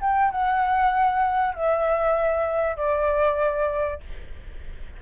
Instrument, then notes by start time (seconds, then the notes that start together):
flute
0.00 G5
0.31 F#5
1.54 E5
2.76 D5